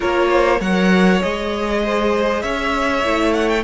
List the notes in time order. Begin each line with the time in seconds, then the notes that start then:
0.00 A#3 F4 A#4 C#5
0.30 C5
0.60 F#3 A#4 C#5 F#5
1.20 G#3 G#4 D#5
1.83 C5
2.42 C#4 C#5 E5
3.04 A3 E4
3.33 F#5
3.48 G5